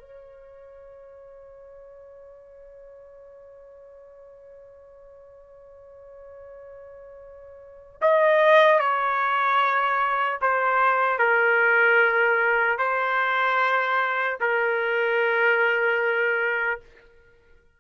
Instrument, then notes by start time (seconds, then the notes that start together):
trumpet
0.00 C#5
8.01 D#5
8.79 C#5
10.41 C5
11.18 A#4
12.78 C5
14.40 A#4